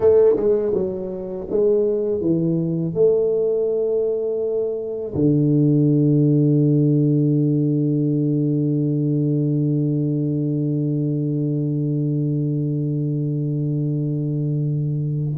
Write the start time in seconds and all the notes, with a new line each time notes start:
0.00 A3
0.36 G#3
0.74 F#3
1.50 G#3
2.20 E3
2.94 A3
5.14 D3